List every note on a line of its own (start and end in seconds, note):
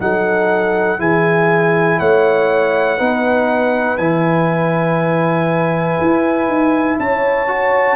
0.00 0.99 F#3
0.00 0.99 D#4
0.00 0.99 A4
0.00 1.00 F#5
0.99 1.99 E3
0.99 2.98 E4
0.99 1.99 G#4
0.99 1.99 G#5
1.99 3.00 A3
1.99 2.98 C#5
1.99 3.97 F#5
2.98 3.98 B3
2.98 3.98 D#4
2.98 6.98 B4
3.97 5.98 E3
3.97 7.47 E4
3.97 6.97 G#5
6.01 6.48 E4
6.48 6.98 D#4
6.99 7.96 C#4
6.99 7.96 C#5
6.99 7.96 A5
7.47 7.96 F#4